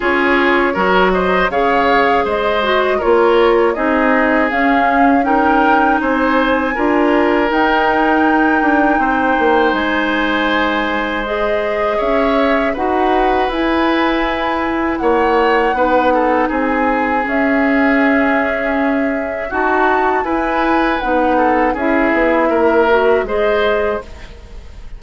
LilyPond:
<<
  \new Staff \with { instrumentName = "flute" } { \time 4/4 \tempo 4 = 80 cis''4. dis''8 f''4 dis''4 | cis''4 dis''4 f''4 g''4 | gis''2 g''2~ | g''4 gis''2 dis''4 |
e''4 fis''4 gis''2 | fis''2 gis''4 e''4~ | e''2 a''4 gis''4 | fis''4 e''2 dis''4 | }
  \new Staff \with { instrumentName = "oboe" } { \time 4/4 gis'4 ais'8 c''8 cis''4 c''4 | ais'4 gis'2 ais'4 | c''4 ais'2. | c''1 |
cis''4 b'2. | cis''4 b'8 a'8 gis'2~ | gis'2 fis'4 b'4~ | b'8 a'8 gis'4 ais'4 c''4 | }
  \new Staff \with { instrumentName = "clarinet" } { \time 4/4 f'4 fis'4 gis'4. fis'8 | f'4 dis'4 cis'4 dis'4~ | dis'4 f'4 dis'2~ | dis'2. gis'4~ |
gis'4 fis'4 e'2~ | e'4 dis'2 cis'4~ | cis'2 fis'4 e'4 | dis'4 e'4. fis'8 gis'4 | }
  \new Staff \with { instrumentName = "bassoon" } { \time 4/4 cis'4 fis4 cis4 gis4 | ais4 c'4 cis'2 | c'4 d'4 dis'4. d'8 | c'8 ais8 gis2. |
cis'4 dis'4 e'2 | ais4 b4 c'4 cis'4~ | cis'2 dis'4 e'4 | b4 cis'8 b8 ais4 gis4 | }
>>